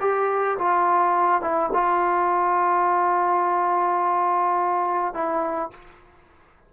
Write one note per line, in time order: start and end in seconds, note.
0.00 0.57 G4
0.58 1.41 F4
1.41 1.70 E4
1.73 5.14 F4
5.14 5.71 E4